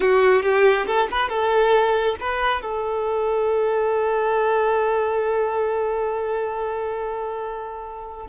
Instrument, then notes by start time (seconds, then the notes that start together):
violin
0.00 F#4
0.42 G4
0.86 A4
1.11 B4
1.29 A4
2.20 B4
2.62 A4